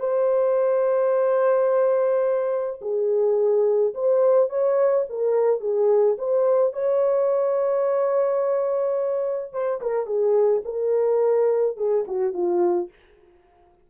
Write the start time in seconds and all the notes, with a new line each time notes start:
0.00 C5
2.81 G#4
3.94 C5
4.49 C#5
5.09 A#4
5.60 G#4
6.18 C5
6.73 C#5
9.53 C5
9.81 A#4
10.06 G#4
10.65 A#4
11.77 G#4
12.07 F#4
12.33 F4